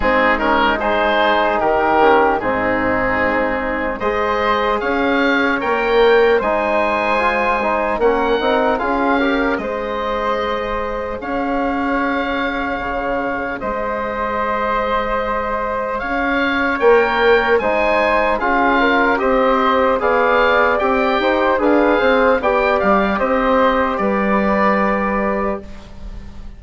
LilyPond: <<
  \new Staff \with { instrumentName = "oboe" } { \time 4/4 \tempo 4 = 75 gis'8 ais'8 c''4 ais'4 gis'4~ | gis'4 dis''4 f''4 g''4 | gis''2 fis''4 f''4 | dis''2 f''2~ |
f''4 dis''2. | f''4 g''4 gis''4 f''4 | dis''4 f''4 g''4 f''4 | g''8 f''8 dis''4 d''2 | }
  \new Staff \with { instrumentName = "flute" } { \time 4/4 dis'4 gis'4 g'4 dis'4~ | dis'4 c''4 cis''2 | c''2 ais'4 gis'8 ais'8 | c''2 cis''2~ |
cis''4 c''2. | cis''2 c''4 gis'8 ais'8 | c''4 d''4. c''8 b'8 c''8 | d''4 c''4 b'2 | }
  \new Staff \with { instrumentName = "trombone" } { \time 4/4 c'8 cis'8 dis'4. cis'8 c'4~ | c'4 gis'2 ais'4 | dis'4 f'8 dis'8 cis'8 dis'8 f'8 g'8 | gis'1~ |
gis'1~ | gis'4 ais'4 dis'4 f'4 | g'4 gis'4 g'4 gis'4 | g'1 | }
  \new Staff \with { instrumentName = "bassoon" } { \time 4/4 gis2 dis4 gis,4~ | gis,4 gis4 cis'4 ais4 | gis2 ais8 c'8 cis'4 | gis2 cis'2 |
cis4 gis2. | cis'4 ais4 gis4 cis'4 | c'4 b4 c'8 dis'8 d'8 c'8 | b8 g8 c'4 g2 | }
>>